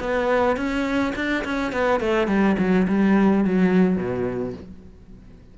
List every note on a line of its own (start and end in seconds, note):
0.00 0.56 B3
0.56 1.13 C#4
1.15 1.44 D4
1.44 1.72 C#4
1.72 2.00 B3
2.00 2.27 A3
2.27 2.56 G3
2.58 2.87 F#3
2.88 3.44 G3
3.44 3.96 F#3
3.96 4.53 B2